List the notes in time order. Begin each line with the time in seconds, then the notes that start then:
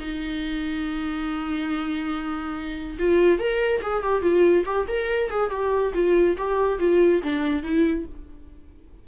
0.00 D#4
2.99 F4
3.39 A#4
3.82 G#4
4.03 G4
4.22 F4
4.66 G4
4.88 A#4
5.31 G#4
5.51 G4
5.94 F4
6.38 G4
6.79 F4
7.23 D4
7.63 E4